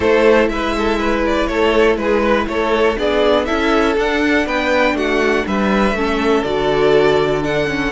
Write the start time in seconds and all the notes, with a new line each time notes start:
0.00 A3 E4 A4 C5
0.48 G#3 B4 E5
0.77 A4
0.99 B4
1.26 D5
1.46 A3 A4 C#5
1.96 G#3 G#4 B4
2.22 B4
2.47 A3 A4 C#5
2.97 B3 D4 G#4 D5
3.45 C#4 E4 A4 E5
3.96 D4 F#5
4.46 B3 B4 G5
4.94 A3 F#4 F#5
5.46 G3 B4 E5
5.92 A3 C#4 A4
6.43 D3 F#4 D5
7.42 D4 F#5
7.67 C#4